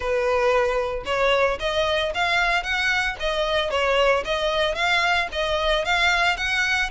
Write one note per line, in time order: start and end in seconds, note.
0.00 1.04 B4
1.05 1.58 C#5
1.59 2.12 D#5
2.14 2.63 F5
2.63 3.16 F#5
3.19 3.70 D#5
3.70 4.23 C#5
4.24 4.74 D#5
4.74 5.27 F5
5.32 5.84 D#5
5.84 6.36 F5
6.36 6.90 F#5